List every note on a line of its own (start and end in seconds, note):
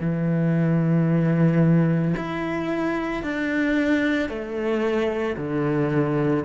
0.00 2.14 E3
2.16 3.22 E4
3.22 4.29 D4
4.29 5.36 A3
5.37 6.44 D3